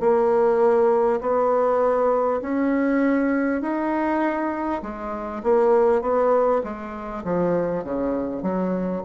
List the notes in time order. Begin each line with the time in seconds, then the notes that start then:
0.00 A#3
1.21 B3
2.42 C#4
3.62 D#4
4.83 G#3
5.43 A#3
6.02 B3
6.64 G#3
7.24 F3
7.84 C#3
8.43 F#3